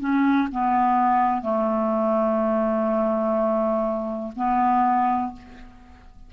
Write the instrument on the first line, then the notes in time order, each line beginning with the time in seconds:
clarinet
0.00 C#4
0.51 B3
1.42 A3
4.36 B3